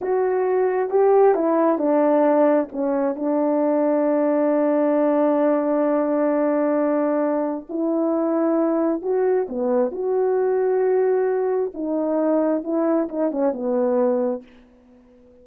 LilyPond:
\new Staff \with { instrumentName = "horn" } { \time 4/4 \tempo 4 = 133 fis'2 g'4 e'4 | d'2 cis'4 d'4~ | d'1~ | d'1~ |
d'4 e'2. | fis'4 b4 fis'2~ | fis'2 dis'2 | e'4 dis'8 cis'8 b2 | }